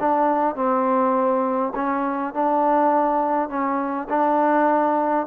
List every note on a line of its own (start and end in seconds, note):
0.00 0.55 D4
0.55 1.73 C4
1.75 2.34 C#4
2.34 3.49 D4
3.49 4.08 C#4
4.09 5.27 D4